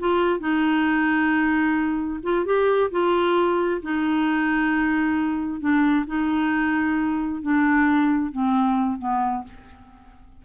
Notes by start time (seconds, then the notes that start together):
0.00 F4
0.40 D#4
2.23 F4
2.46 G4
2.92 F4
3.83 D#4
5.61 D4
6.07 D#4
7.42 D4
8.32 C4
8.99 B3